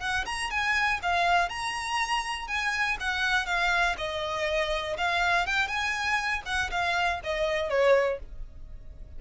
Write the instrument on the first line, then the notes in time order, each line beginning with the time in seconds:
violin
0.00 F#5
0.25 A#5
0.50 G#5
1.03 F5
1.49 A#5
2.48 G#5
3.00 F#5
3.46 F5
3.98 D#5
4.98 F5
5.46 G5
5.68 G#5
6.45 F#5
6.71 F5
7.24 D#5
7.69 C#5